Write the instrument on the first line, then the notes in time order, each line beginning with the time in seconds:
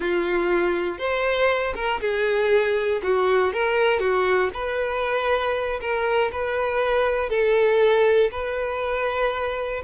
violin
0.00 F4
0.98 C5
1.75 A#4
2.00 G#4
3.02 F#4
3.53 A#4
3.99 F#4
4.53 B4
5.81 A#4
6.32 B4
7.29 A4
8.31 B4